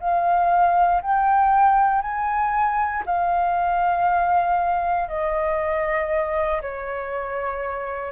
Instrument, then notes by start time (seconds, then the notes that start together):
flute
0.00 F5
1.02 G5
2.02 G#5
3.06 F5
5.08 D#5
6.61 C#5